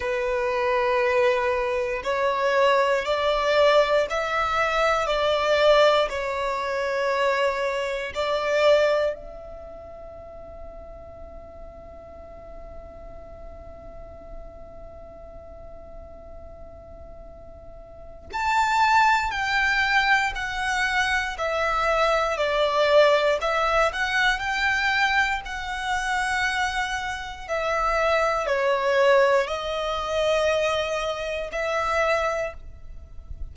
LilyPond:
\new Staff \with { instrumentName = "violin" } { \time 4/4 \tempo 4 = 59 b'2 cis''4 d''4 | e''4 d''4 cis''2 | d''4 e''2.~ | e''1~ |
e''2 a''4 g''4 | fis''4 e''4 d''4 e''8 fis''8 | g''4 fis''2 e''4 | cis''4 dis''2 e''4 | }